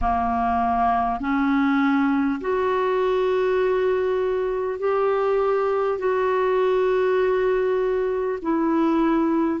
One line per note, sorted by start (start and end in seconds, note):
0.01 1.19 A#3
1.19 2.39 C#4
2.41 4.79 F#4
4.79 5.98 G4
5.98 8.38 F#4
8.42 9.60 E4